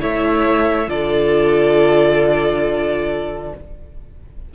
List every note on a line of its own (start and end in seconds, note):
0.00 0.87 A3
0.00 0.88 E4
0.00 0.89 C#5
0.00 0.90 E5
0.87 3.52 D3
0.87 3.53 F4
0.87 3.54 A4
0.87 3.55 D5